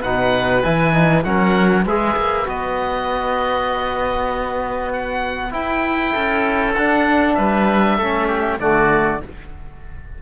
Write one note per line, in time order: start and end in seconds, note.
0.00 0.63 B2
0.00 0.63 D#4
0.00 1.22 B4
0.00 0.62 F#5
0.62 1.24 E3
0.62 0.93 E4
0.62 1.23 G#5
0.93 1.23 D#4
1.23 1.85 F#3
1.23 1.86 C#4
1.23 1.83 A#4
1.23 1.85 F#5
1.83 2.15 G#3
1.83 2.45 G#4
1.83 6.12 B4
1.83 2.48 E5
2.16 2.46 A#3
2.45 5.53 B3
2.45 5.51 F#4
2.45 4.92 D#5
4.92 5.52 F#5
5.51 6.73 E4
5.51 6.15 E4
5.51 6.74 G5
6.12 6.76 C#4
6.12 7.34 A4
6.74 7.37 D4
6.74 8.00 D4
6.74 7.34 F#5
7.34 7.97 G3
7.34 7.97 B4
7.34 8.57 E5
7.97 8.59 A3
7.97 8.59 C#4
7.97 8.27 A4
8.27 8.58 G4
8.59 9.21 D3
8.59 9.21 A3
8.59 9.22 F#4
8.59 9.21 D5